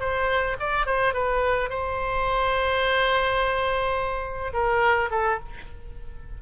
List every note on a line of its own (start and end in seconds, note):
0.00 0.57 C5
0.60 0.86 D5
0.86 1.14 C5
1.14 1.70 B4
1.70 4.53 C5
4.53 5.10 A#4
5.11 5.39 A4